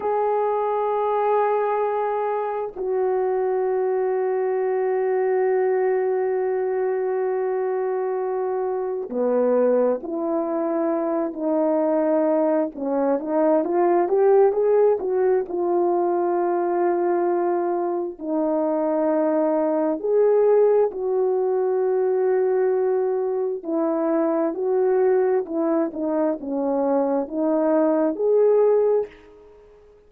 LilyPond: \new Staff \with { instrumentName = "horn" } { \time 4/4 \tempo 4 = 66 gis'2. fis'4~ | fis'1~ | fis'2 b4 e'4~ | e'8 dis'4. cis'8 dis'8 f'8 g'8 |
gis'8 fis'8 f'2. | dis'2 gis'4 fis'4~ | fis'2 e'4 fis'4 | e'8 dis'8 cis'4 dis'4 gis'4 | }